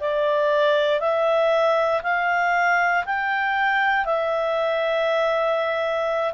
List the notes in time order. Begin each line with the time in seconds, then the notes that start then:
0.00 D5
1.00 E5
2.03 F5
3.06 G5
4.05 E5